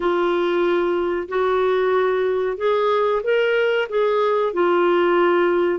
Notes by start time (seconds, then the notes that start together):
0.00 F4
1.28 F#4
2.57 G#4
3.23 A#4
3.89 G#4
4.53 F4